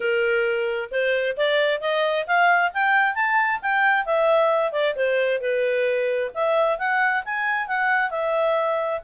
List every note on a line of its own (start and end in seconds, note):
0.00 0.89 A#4
0.91 1.36 C5
1.36 1.80 D5
1.80 2.26 D#5
2.27 2.72 F5
2.73 3.15 G5
3.15 3.60 A5
3.62 4.05 G5
4.05 4.72 E5
4.72 4.94 D5
4.95 5.40 C5
5.41 6.31 B4
6.34 6.78 E5
6.78 7.23 F#5
7.24 7.67 G#5
7.67 8.10 F#5
8.10 9.00 E5